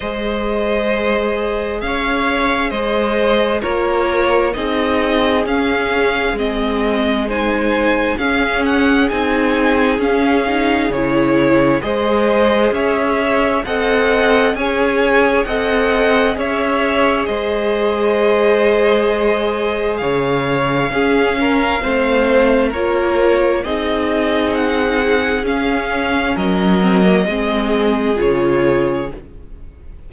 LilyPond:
<<
  \new Staff \with { instrumentName = "violin" } { \time 4/4 \tempo 4 = 66 dis''2 f''4 dis''4 | cis''4 dis''4 f''4 dis''4 | gis''4 f''8 fis''8 gis''4 f''4 | cis''4 dis''4 e''4 fis''4 |
gis''4 fis''4 e''4 dis''4~ | dis''2 f''2~ | f''4 cis''4 dis''4 fis''4 | f''4 dis''2 cis''4 | }
  \new Staff \with { instrumentName = "violin" } { \time 4/4 c''2 cis''4 c''4 | ais'4 gis'2. | c''4 gis'2.~ | gis'4 c''4 cis''4 dis''4 |
cis''4 dis''4 cis''4 c''4~ | c''2 cis''4 gis'8 ais'8 | c''4 ais'4 gis'2~ | gis'4 ais'4 gis'2 | }
  \new Staff \with { instrumentName = "viola" } { \time 4/4 gis'1 | f'4 dis'4 cis'4 c'4 | dis'4 cis'4 dis'4 cis'8 dis'8 | e'4 gis'2 a'4 |
gis'4 a'4 gis'2~ | gis'2. cis'4 | c'4 f'4 dis'2 | cis'4. c'16 ais16 c'4 f'4 | }
  \new Staff \with { instrumentName = "cello" } { \time 4/4 gis2 cis'4 gis4 | ais4 c'4 cis'4 gis4~ | gis4 cis'4 c'4 cis'4 | cis4 gis4 cis'4 c'4 |
cis'4 c'4 cis'4 gis4~ | gis2 cis4 cis'4 | a4 ais4 c'2 | cis'4 fis4 gis4 cis4 | }
>>